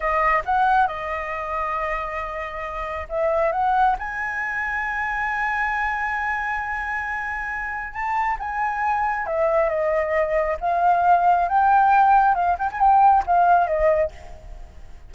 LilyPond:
\new Staff \with { instrumentName = "flute" } { \time 4/4 \tempo 4 = 136 dis''4 fis''4 dis''2~ | dis''2. e''4 | fis''4 gis''2.~ | gis''1~ |
gis''2 a''4 gis''4~ | gis''4 e''4 dis''2 | f''2 g''2 | f''8 g''16 gis''16 g''4 f''4 dis''4 | }